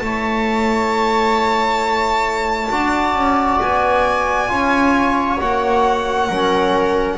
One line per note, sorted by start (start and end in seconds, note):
0.00 2.70 A3
0.00 2.71 E4
0.00 2.71 C#5
0.00 3.58 A5
2.71 3.15 D4
2.71 4.49 F#4
2.71 4.50 D5
3.15 3.60 C#4
3.62 4.50 B3
3.62 5.41 G#5
4.49 5.40 C#4
4.49 5.38 F4
4.49 6.28 C#5
5.40 6.30 A#3
5.40 6.29 F#4
5.40 7.18 F#5
6.28 7.18 F#3
6.28 7.18 C#4
6.28 7.18 A#4